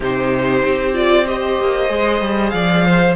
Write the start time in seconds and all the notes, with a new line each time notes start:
0.00 C3 D#4 G4 C5
0.64 C4
0.93 F4 D5
1.25 G4 C5 D#5
1.60 A#3
1.88 G#3 G#4
2.20 G3
2.50 F3 D5 F5
2.85 C5